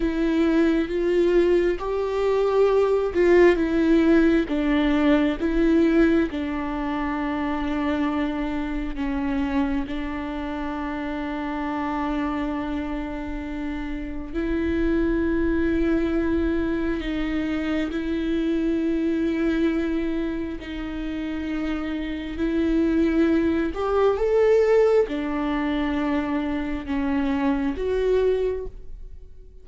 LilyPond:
\new Staff \with { instrumentName = "viola" } { \time 4/4 \tempo 4 = 67 e'4 f'4 g'4. f'8 | e'4 d'4 e'4 d'4~ | d'2 cis'4 d'4~ | d'1 |
e'2. dis'4 | e'2. dis'4~ | dis'4 e'4. g'8 a'4 | d'2 cis'4 fis'4 | }